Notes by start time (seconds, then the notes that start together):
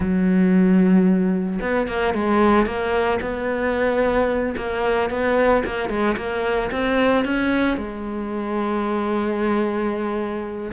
0.00 F#3
1.61 B3
1.87 A#3
2.14 G#3
2.66 A#3
3.21 B3
4.57 A#3
5.10 B3
5.65 A#3
5.89 G#3
6.16 A#3
6.71 C4
7.24 C#4
7.77 G#3